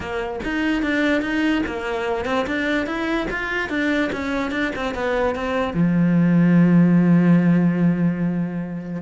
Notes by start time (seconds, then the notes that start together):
0.00 A#3
0.43 D#4
0.82 D4
1.21 D#4
1.66 A#3
2.25 C4
2.47 D4
2.86 E4
3.30 F4
3.69 D4
4.12 C#4
4.51 D4
4.75 C4
4.94 B3
5.35 C4
5.73 F3